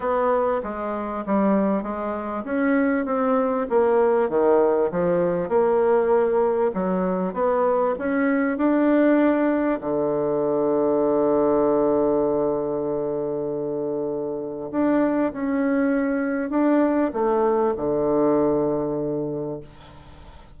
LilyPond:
\new Staff \with { instrumentName = "bassoon" } { \time 4/4 \tempo 4 = 98 b4 gis4 g4 gis4 | cis'4 c'4 ais4 dis4 | f4 ais2 fis4 | b4 cis'4 d'2 |
d1~ | d1 | d'4 cis'2 d'4 | a4 d2. | }